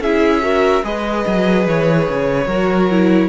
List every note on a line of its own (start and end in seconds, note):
0.00 0.82 C#4
0.00 0.42 E4
0.00 0.43 G#4
0.00 0.85 E5
0.42 0.83 F#4
0.42 0.84 A#4
0.84 1.25 G#3
0.84 2.48 G#4
0.84 2.47 B4
0.84 1.67 D#5
1.27 1.67 F#3
1.67 2.08 E3
1.67 3.29 C#5
2.09 2.47 C#3
2.47 3.29 F#3
2.47 2.91 F#4
2.47 3.29 A#4
2.91 3.29 E4